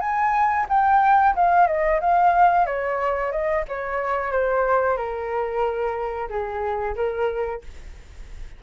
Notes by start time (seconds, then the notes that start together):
0.00 G#5
0.69 G5
1.35 F5
1.67 D#5
2.00 F5
2.66 C#5
3.32 D#5
3.68 C#5
4.32 C5
4.97 A#4
6.29 G#4
6.95 A#4